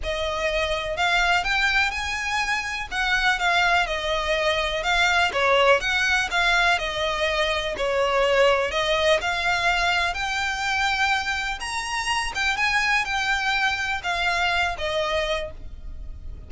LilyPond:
\new Staff \with { instrumentName = "violin" } { \time 4/4 \tempo 4 = 124 dis''2 f''4 g''4 | gis''2 fis''4 f''4 | dis''2 f''4 cis''4 | fis''4 f''4 dis''2 |
cis''2 dis''4 f''4~ | f''4 g''2. | ais''4. g''8 gis''4 g''4~ | g''4 f''4. dis''4. | }